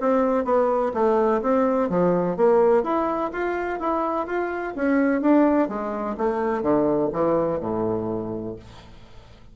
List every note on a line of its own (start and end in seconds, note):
0.00 0.44 C4
0.44 0.92 B3
0.94 1.41 A3
1.42 1.89 C4
1.89 2.37 F3
2.37 2.84 A#3
2.84 3.31 E4
3.33 3.80 F4
3.80 4.27 E4
4.27 4.74 F4
4.76 5.21 C#4
5.21 5.68 D4
5.68 6.16 G#3
6.18 6.62 A3
6.62 7.10 D3
7.13 7.60 E3
7.60 8.56 A2